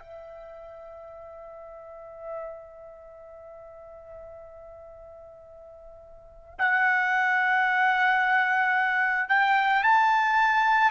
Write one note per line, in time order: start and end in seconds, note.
0.00 6.55 E5
6.59 9.29 F#5
9.29 9.83 G5
9.83 10.91 A5